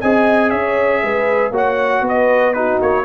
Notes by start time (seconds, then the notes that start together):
0.00 C4 G#4 D#5 G#5
0.49 C#4 C#5 E5
1.02 G#3 B4
1.50 A#3 F#4 C#5
1.56 F#5
2.01 B3 B4
2.08 D#5
2.53 D#4 F#4 B4
2.81 A#3 C#5